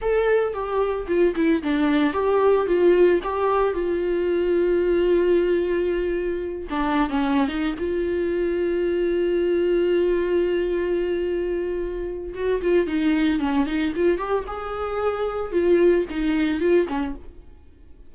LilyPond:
\new Staff \with { instrumentName = "viola" } { \time 4/4 \tempo 4 = 112 a'4 g'4 f'8 e'8 d'4 | g'4 f'4 g'4 f'4~ | f'1~ | f'8 d'8. cis'8. dis'8 f'4.~ |
f'1~ | f'2. fis'8 f'8 | dis'4 cis'8 dis'8 f'8 g'8 gis'4~ | gis'4 f'4 dis'4 f'8 cis'8 | }